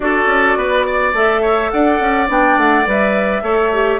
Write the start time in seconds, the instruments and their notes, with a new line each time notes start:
0.00 bassoon D4, clarinet F#4, oboe A4, flute D5
0.26 bassoon C#4
0.56 bassoon B3, oboe B4
0.85 oboe D5
1.13 bassoon A3, clarinet A4, flute E5
1.41 oboe C#5
1.70 bassoon D4, oboe D5, flute F#5
2.00 bassoon C#4
2.27 bassoon B3, clarinet D4, flute G5
2.57 bassoon A3, flute F#5
2.86 bassoon G3, clarinet B4, flute E5
3.41 bassoon A3, clarinet A4, oboe C#5
3.72 clarinet G4